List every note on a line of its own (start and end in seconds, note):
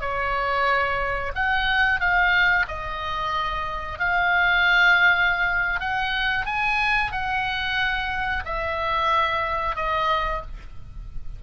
0.00 1.32 C#5
1.35 2.00 F#5
2.00 2.66 F5
2.68 3.99 D#5
3.99 5.80 F5
5.80 6.45 F#5
6.45 7.11 G#5
7.11 8.43 F#5
8.45 9.76 E5
9.76 10.41 D#5